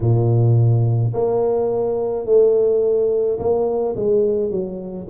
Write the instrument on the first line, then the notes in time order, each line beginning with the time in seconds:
tuba
0.00 A#2
1.13 A#3
2.25 A3
3.39 A#3
3.96 G#3
4.50 F#3